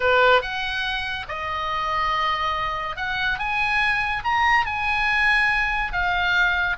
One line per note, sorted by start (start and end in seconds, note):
0.00 0.41 B4
0.41 1.26 F#5
1.28 2.96 D#5
2.96 3.38 F#5
3.38 4.23 G#5
4.23 4.66 A#5
4.66 5.92 G#5
5.92 6.76 F5